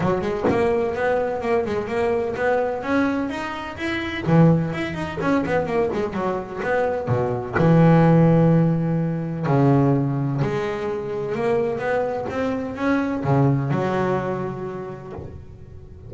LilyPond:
\new Staff \with { instrumentName = "double bass" } { \time 4/4 \tempo 4 = 127 fis8 gis8 ais4 b4 ais8 gis8 | ais4 b4 cis'4 dis'4 | e'4 e4 e'8 dis'8 cis'8 b8 | ais8 gis8 fis4 b4 b,4 |
e1 | cis2 gis2 | ais4 b4 c'4 cis'4 | cis4 fis2. | }